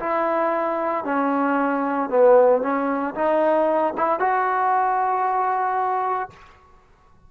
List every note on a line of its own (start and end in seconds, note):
0.00 1.05 E4
1.05 2.10 C#4
2.10 2.62 B3
2.62 3.15 C#4
3.15 3.94 D#4
3.97 4.20 E4
4.20 6.30 F#4